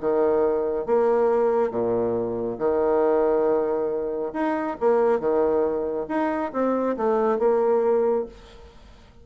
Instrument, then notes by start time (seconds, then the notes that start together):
bassoon
0.00 D#3
0.86 A#3
1.71 A#2
2.58 D#3
4.33 D#4
4.80 A#3
5.19 D#3
6.08 D#4
6.53 C4
6.96 A3
7.39 A#3